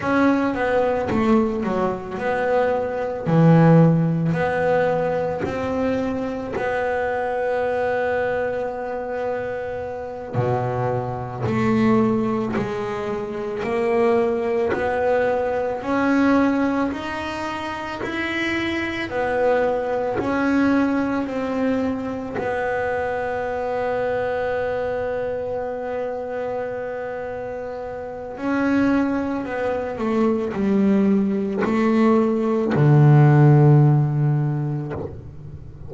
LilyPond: \new Staff \with { instrumentName = "double bass" } { \time 4/4 \tempo 4 = 55 cis'8 b8 a8 fis8 b4 e4 | b4 c'4 b2~ | b4. b,4 a4 gis8~ | gis8 ais4 b4 cis'4 dis'8~ |
dis'8 e'4 b4 cis'4 c'8~ | c'8 b2.~ b8~ | b2 cis'4 b8 a8 | g4 a4 d2 | }